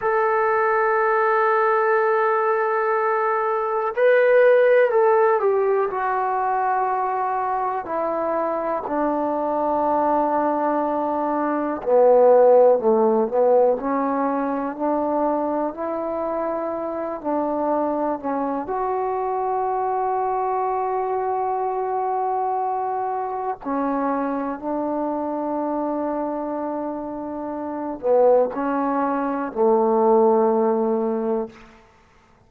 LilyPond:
\new Staff \with { instrumentName = "trombone" } { \time 4/4 \tempo 4 = 61 a'1 | b'4 a'8 g'8 fis'2 | e'4 d'2. | b4 a8 b8 cis'4 d'4 |
e'4. d'4 cis'8 fis'4~ | fis'1 | cis'4 d'2.~ | d'8 b8 cis'4 a2 | }